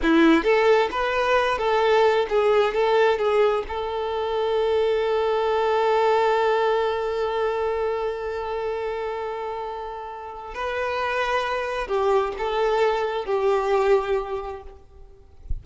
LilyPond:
\new Staff \with { instrumentName = "violin" } { \time 4/4 \tempo 4 = 131 e'4 a'4 b'4. a'8~ | a'4 gis'4 a'4 gis'4 | a'1~ | a'1~ |
a'1~ | a'2. b'4~ | b'2 g'4 a'4~ | a'4 g'2. | }